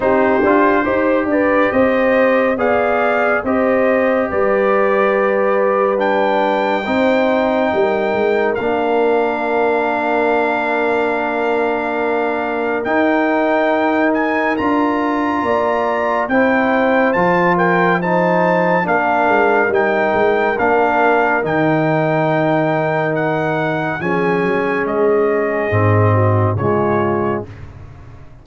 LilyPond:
<<
  \new Staff \with { instrumentName = "trumpet" } { \time 4/4 \tempo 4 = 70 c''4. d''8 dis''4 f''4 | dis''4 d''2 g''4~ | g''2 f''2~ | f''2. g''4~ |
g''8 gis''8 ais''2 g''4 | a''8 g''8 a''4 f''4 g''4 | f''4 g''2 fis''4 | gis''4 dis''2 cis''4 | }
  \new Staff \with { instrumentName = "horn" } { \time 4/4 g'4 c''8 b'8 c''4 d''4 | c''4 b'2. | c''4 ais'2.~ | ais'1~ |
ais'2 d''4 c''4~ | c''8 ais'8 c''4 ais'2~ | ais'1 | gis'2~ gis'8 fis'8 f'4 | }
  \new Staff \with { instrumentName = "trombone" } { \time 4/4 dis'8 f'8 g'2 gis'4 | g'2. d'4 | dis'2 d'2~ | d'2. dis'4~ |
dis'4 f'2 e'4 | f'4 dis'4 d'4 dis'4 | d'4 dis'2. | cis'2 c'4 gis4 | }
  \new Staff \with { instrumentName = "tuba" } { \time 4/4 c'8 d'8 dis'8 d'8 c'4 b4 | c'4 g2. | c'4 g8 gis8 ais2~ | ais2. dis'4~ |
dis'4 d'4 ais4 c'4 | f2 ais8 gis8 g8 gis8 | ais4 dis2. | f8 fis8 gis4 gis,4 cis4 | }
>>